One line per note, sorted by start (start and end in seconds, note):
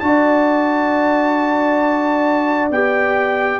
0.00 2.71 D4
0.00 2.71 F#4
0.00 2.69 A5
0.06 3.60 D5
2.71 3.60 B3
2.71 3.60 G4
2.71 3.60 G5